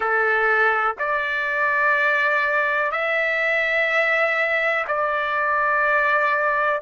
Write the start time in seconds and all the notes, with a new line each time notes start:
0.00 A4
0.99 D5
2.91 E5
4.87 D5